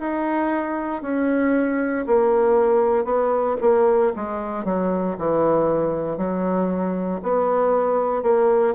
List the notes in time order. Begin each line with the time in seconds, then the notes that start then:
0.00 D#4
1.03 C#4
2.07 A#3
3.05 B3
3.62 A#3
4.16 G#3
4.65 F#3
5.19 E3
6.18 F#3
7.23 B3
8.23 A#3